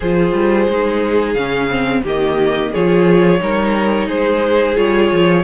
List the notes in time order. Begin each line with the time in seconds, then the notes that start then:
0.00 F3 F4 G#4 C5
0.33 G3
0.68 G#3 D#4
1.33 C#3 C#4 F5
1.69 C4
2.03 D#3 A#3 G4 D#5
2.72 F3 F4 G#4 C#5
3.39 G3 D#4 A#4
4.07 G#3 G#4 C5
4.76 G3 F4 C#5
5.11 F3